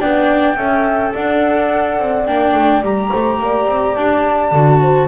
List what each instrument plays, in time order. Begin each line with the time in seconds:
0.00 double bass B3, viola D4, horn D5, flute G5
0.56 double bass C#4, viola A4, horn E5
1.14 double bass D4, horn D5, flute F#5
2.00 double bass C4
2.27 double bass A#3, viola D4, flute G5
2.54 double bass A3
2.83 double bass G3, viola G4, flute A#5
3.11 double bass A3, horn C5
3.39 double bass A#3, horn D5
3.67 double bass C4
3.95 double bass D4, flute A5
4.52 double bass D3, viola F#4
4.81 horn C5